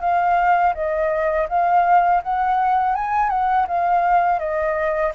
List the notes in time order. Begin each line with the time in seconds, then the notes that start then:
0.00 F5
0.74 D#5
1.48 F5
2.23 F#5
2.95 G#5
3.29 F#5
3.67 F5
4.39 D#5